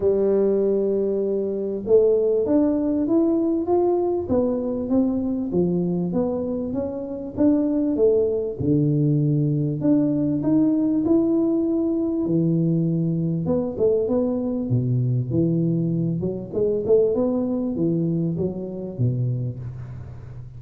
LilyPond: \new Staff \with { instrumentName = "tuba" } { \time 4/4 \tempo 4 = 98 g2. a4 | d'4 e'4 f'4 b4 | c'4 f4 b4 cis'4 | d'4 a4 d2 |
d'4 dis'4 e'2 | e2 b8 a8 b4 | b,4 e4. fis8 gis8 a8 | b4 e4 fis4 b,4 | }